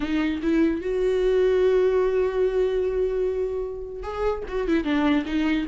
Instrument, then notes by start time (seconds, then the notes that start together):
viola
0.00 D#4
0.42 E4
0.81 F#4
4.02 G#4
4.48 F#4
4.67 E4
4.84 D4
5.25 D#4